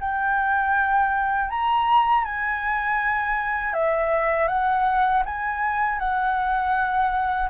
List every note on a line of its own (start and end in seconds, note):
0.00 1.50 G5
1.50 2.25 A#5
2.25 3.73 G#5
3.73 4.48 E5
4.48 5.23 F#5
5.25 5.99 G#5
5.99 7.49 F#5